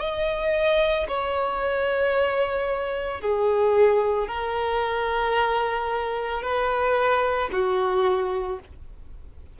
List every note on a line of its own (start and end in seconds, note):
0.00 1.07 D#5
1.08 3.21 C#5
3.21 4.28 G#4
4.28 6.42 A#4
6.42 7.50 B4
7.52 8.60 F#4